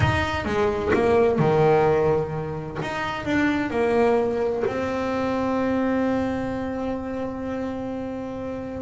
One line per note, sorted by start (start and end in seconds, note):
0.00 0.45 D#4
0.45 0.91 G#3
0.93 1.38 A#3
1.38 2.78 D#3
2.82 3.25 D#4
3.25 3.70 D4
3.70 4.63 A#3
4.67 8.82 C4